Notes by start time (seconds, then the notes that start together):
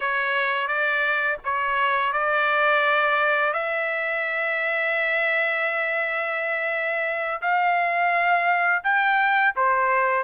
0.00 C#5
0.67 D5
1.44 C#5
2.12 D5
3.53 E5
7.41 F5
8.83 G5
9.56 C5